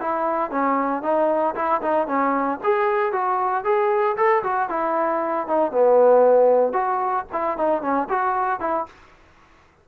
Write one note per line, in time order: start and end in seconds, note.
0.00 0.50 E4
0.50 1.02 C#4
1.02 1.54 D#4
1.55 1.81 E4
1.81 2.07 D#4
2.07 2.59 C#4
2.63 3.12 G#4
3.12 3.64 F#4
3.64 4.16 G#4
4.16 4.42 A4
4.43 4.69 F#4
4.69 5.47 E4
5.47 5.71 D#4
5.71 6.73 B3
6.73 7.25 F#4
7.32 7.57 E4
7.57 7.81 D#4
7.81 8.08 C#4
8.09 8.59 F#4
8.59 8.86 E4